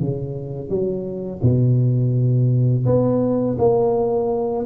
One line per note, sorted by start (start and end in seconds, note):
0.00 0.69 C#3
0.69 1.41 F#3
1.43 2.85 B2
2.86 3.57 B3
3.58 4.66 A#3